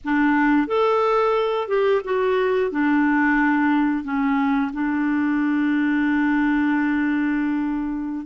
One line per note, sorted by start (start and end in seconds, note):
0.04 0.67 D4
0.67 1.68 A4
1.68 2.01 G4
2.04 2.71 F#4
2.71 4.04 D4
4.04 4.71 C#4
4.73 8.26 D4